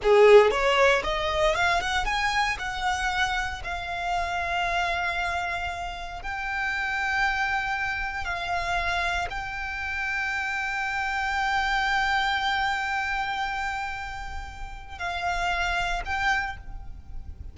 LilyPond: \new Staff \with { instrumentName = "violin" } { \time 4/4 \tempo 4 = 116 gis'4 cis''4 dis''4 f''8 fis''8 | gis''4 fis''2 f''4~ | f''1 | g''1 |
f''2 g''2~ | g''1~ | g''1~ | g''4 f''2 g''4 | }